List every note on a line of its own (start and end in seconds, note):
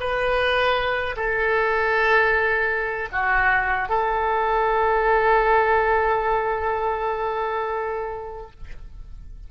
0.00 1.15 B4
1.16 3.09 A4
3.12 3.89 F#4
3.89 8.50 A4